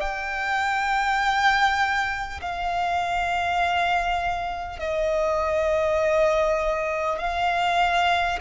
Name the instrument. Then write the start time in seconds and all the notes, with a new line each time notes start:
violin
0.00 G5
2.41 F5
4.79 D#5
7.18 F5